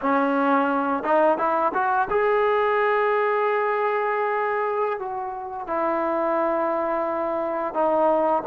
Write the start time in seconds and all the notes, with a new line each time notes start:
0.01 C#4
1.03 D#4
1.38 E4
1.74 F#4
2.10 G#4
4.99 F#4
5.67 E4
7.73 D#4